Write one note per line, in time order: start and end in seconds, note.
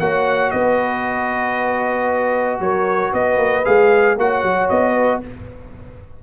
0.00 0.52 A#3
0.00 3.65 F#4
0.00 0.53 C#5
0.00 0.51 F#5
0.51 2.60 B3
0.51 2.63 B4
0.51 2.60 D#5
2.60 3.12 F#3
2.60 3.13 A#4
2.60 3.14 C#5
3.13 3.38 B3
3.13 4.17 B4
3.13 3.65 D#5
3.38 3.64 A#3
3.65 4.18 G#3
3.65 4.17 G#4
3.65 4.17 F5
4.18 4.44 A#3
4.18 5.24 F#4
4.18 4.94 C#5
4.18 4.70 F#5
4.44 4.70 F#3
4.70 5.23 B3
4.70 5.22 D#5
4.94 5.20 B4